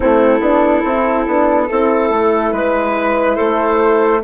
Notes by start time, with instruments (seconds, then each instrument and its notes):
0.00 bassoon A3, horn C4, clarinet E4, flute A4
0.40 bassoon B3, horn D4
0.84 bassoon C4, horn E4
1.26 bassoon B3, horn D4
1.68 bassoon C4, horn E4, clarinet A4
2.10 bassoon A3
2.51 bassoon G#3, flute B4, clarinet B4
3.35 bassoon A3, clarinet A4, flute C5